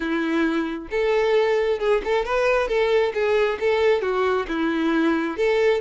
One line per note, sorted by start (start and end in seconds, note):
0.00 0.88 E4
0.90 1.79 A4
1.79 2.01 G#4
2.04 2.25 A4
2.25 2.67 B4
2.67 3.12 A4
3.13 3.58 G#4
3.60 4.01 A4
4.01 4.46 F#4
4.48 5.37 E4
5.37 5.80 A4